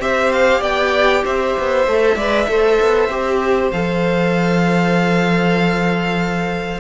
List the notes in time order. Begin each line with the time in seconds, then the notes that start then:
0.00 C4 G4 C5 E5
0.32 F5
0.60 B3 D5 G5
1.25 C4 C5 E5
1.59 B3
1.87 A3 A4
2.16 G#3 B4 D5
2.48 A3 A4 C5
2.81 B3
3.09 C4 G4
3.72 F3 A4 F5